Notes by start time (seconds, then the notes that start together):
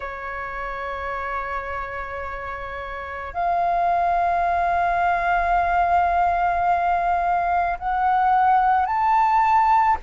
0.00 C#5
3.33 F5
7.78 F#5
8.86 A5